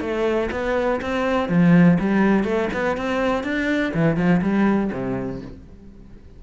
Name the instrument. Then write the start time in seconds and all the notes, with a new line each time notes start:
cello
0.00 A3
0.51 B3
1.01 C4
1.48 F3
1.99 G3
2.44 A3
2.73 B3
2.96 C4
3.43 D4
3.94 E3
4.16 F3
4.42 G3
4.92 C3